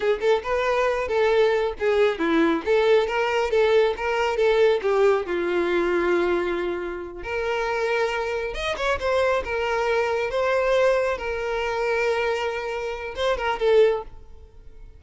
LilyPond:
\new Staff \with { instrumentName = "violin" } { \time 4/4 \tempo 4 = 137 gis'8 a'8 b'4. a'4. | gis'4 e'4 a'4 ais'4 | a'4 ais'4 a'4 g'4 | f'1~ |
f'8 ais'2. dis''8 | cis''8 c''4 ais'2 c''8~ | c''4. ais'2~ ais'8~ | ais'2 c''8 ais'8 a'4 | }